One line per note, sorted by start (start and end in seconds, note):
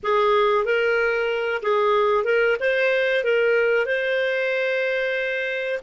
0.03 0.65 G#4
0.65 1.61 A#4
1.62 2.24 G#4
2.24 2.56 A#4
2.60 3.24 C5
3.24 3.86 A#4
3.86 5.79 C5